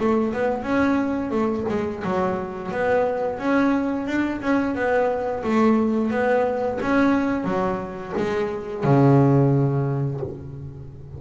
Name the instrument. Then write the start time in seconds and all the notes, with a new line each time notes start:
double bass
0.00 A3
0.33 B3
0.63 C#4
1.31 A3
1.69 G#3
2.05 F#3
2.72 B3
3.39 C#4
4.07 D4
4.42 C#4
4.75 B3
5.44 A3
6.11 B3
6.82 C#4
7.45 F#3
8.18 G#3
8.84 C#3